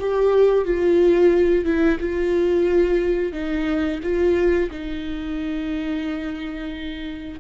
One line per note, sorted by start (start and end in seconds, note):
0.00 0.65 G4
0.65 1.65 F4
1.65 1.99 E4
2.00 3.33 F4
3.33 4.01 D#4
4.03 4.71 F4
4.71 7.40 D#4